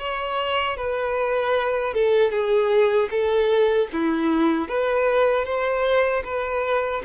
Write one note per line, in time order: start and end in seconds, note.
0.00 0.78 C#5
0.78 1.94 B4
1.94 2.32 A4
2.32 3.10 G#4
3.11 3.89 A4
3.93 4.69 E4
4.69 5.46 B4
5.46 6.24 C5
6.24 7.02 B4